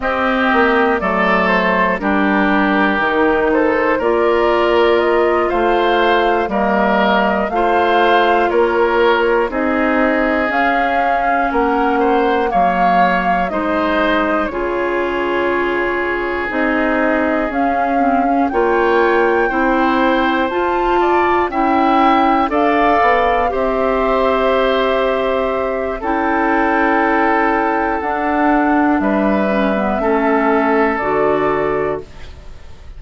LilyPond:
<<
  \new Staff \with { instrumentName = "flute" } { \time 4/4 \tempo 4 = 60 dis''4 d''8 c''8 ais'4. c''8 | d''4 dis''8 f''4 dis''4 f''8~ | f''8 cis''4 dis''4 f''4 fis''8~ | fis''8 f''4 dis''4 cis''4.~ |
cis''8 dis''4 f''4 g''4.~ | g''8 a''4 g''4 f''4 e''8~ | e''2 g''2 | fis''4 e''2 d''4 | }
  \new Staff \with { instrumentName = "oboe" } { \time 4/4 g'4 a'4 g'4. a'8 | ais'4. c''4 ais'4 c''8~ | c''8 ais'4 gis'2 ais'8 | c''8 cis''4 c''4 gis'4.~ |
gis'2~ gis'8 cis''4 c''8~ | c''4 d''8 e''4 d''4 c''8~ | c''2 a'2~ | a'4 b'4 a'2 | }
  \new Staff \with { instrumentName = "clarinet" } { \time 4/4 c'4 a4 d'4 dis'4 | f'2~ f'8 ais4 f'8~ | f'4. dis'4 cis'4.~ | cis'8 ais4 dis'4 f'4.~ |
f'8 dis'4 cis'8 c'16 cis'16 f'4 e'8~ | e'8 f'4 e'4 a'4 g'8~ | g'2 e'2 | d'4. cis'16 b16 cis'4 fis'4 | }
  \new Staff \with { instrumentName = "bassoon" } { \time 4/4 c'8 ais8 fis4 g4 dis4 | ais4. a4 g4 a8~ | a8 ais4 c'4 cis'4 ais8~ | ais8 fis4 gis4 cis4.~ |
cis8 c'4 cis'4 ais4 c'8~ | c'8 f'4 cis'4 d'8 b8 c'8~ | c'2 cis'2 | d'4 g4 a4 d4 | }
>>